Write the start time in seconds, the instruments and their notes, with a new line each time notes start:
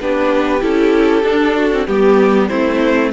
0.00 cello B3, viola D4, violin G4 B4
0.61 cello C#4, viola E4, violin A4
1.23 cello D4, viola D4
1.56 violin F#4
1.72 viola C4
1.87 cello G3, viola B3, violin G4
2.48 cello A3, viola C4, violin E4 C5